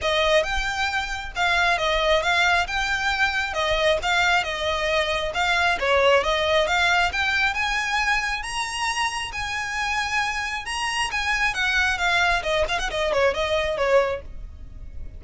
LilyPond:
\new Staff \with { instrumentName = "violin" } { \time 4/4 \tempo 4 = 135 dis''4 g''2 f''4 | dis''4 f''4 g''2 | dis''4 f''4 dis''2 | f''4 cis''4 dis''4 f''4 |
g''4 gis''2 ais''4~ | ais''4 gis''2. | ais''4 gis''4 fis''4 f''4 | dis''8 f''16 fis''16 dis''8 cis''8 dis''4 cis''4 | }